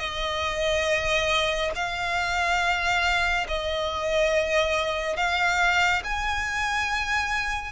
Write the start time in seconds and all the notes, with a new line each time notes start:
0.00 D#5
1.76 F5
3.48 D#5
5.17 F5
6.04 G#5